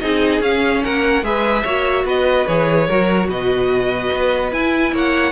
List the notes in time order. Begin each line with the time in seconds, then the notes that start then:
0.00 C4 D#4 G#4 D#5
0.41 C#4 F5
0.83 A#3 A#4 F#5
1.23 G#3 G#4 B4 E5
1.63 A#3 F#4 C#5
2.05 B3 B4 D#5
2.47 E3 G#4 C#5
2.87 F#3 F#4 A#4
3.29 B2 B4 D#5
4.13 B3
4.52 E4 G#5
4.92 A#3 C#5 F#5